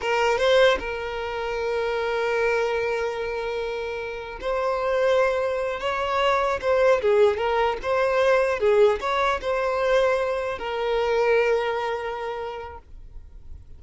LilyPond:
\new Staff \with { instrumentName = "violin" } { \time 4/4 \tempo 4 = 150 ais'4 c''4 ais'2~ | ais'1~ | ais'2. c''4~ | c''2~ c''8 cis''4.~ |
cis''8 c''4 gis'4 ais'4 c''8~ | c''4. gis'4 cis''4 c''8~ | c''2~ c''8 ais'4.~ | ais'1 | }